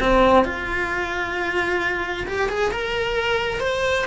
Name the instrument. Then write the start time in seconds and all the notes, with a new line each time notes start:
cello
0.00 C4
0.45 F4
2.27 G4
2.49 G#4
2.71 A#4
3.60 C5